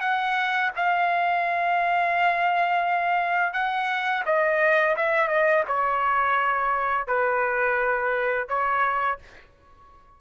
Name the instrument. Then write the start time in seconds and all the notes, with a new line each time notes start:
trumpet
0.00 F#5
0.76 F5
3.53 F#5
4.25 D#5
4.96 E5
5.28 D#5
5.67 C#5
7.07 B4
8.48 C#5